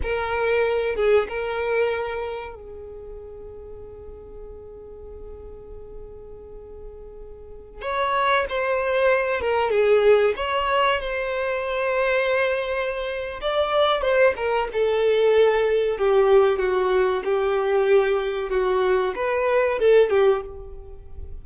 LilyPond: \new Staff \with { instrumentName = "violin" } { \time 4/4 \tempo 4 = 94 ais'4. gis'8 ais'2 | gis'1~ | gis'1~ | gis'16 cis''4 c''4. ais'8 gis'8.~ |
gis'16 cis''4 c''2~ c''8.~ | c''4 d''4 c''8 ais'8 a'4~ | a'4 g'4 fis'4 g'4~ | g'4 fis'4 b'4 a'8 g'8 | }